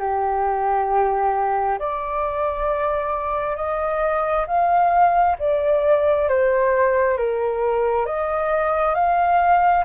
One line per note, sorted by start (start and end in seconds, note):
0.00 1.79 G4
1.80 3.57 D5
3.57 4.46 D#5
4.48 5.37 F5
5.40 6.29 D5
6.29 7.18 C5
7.18 8.06 A#4
8.06 8.95 D#5
8.95 9.85 F5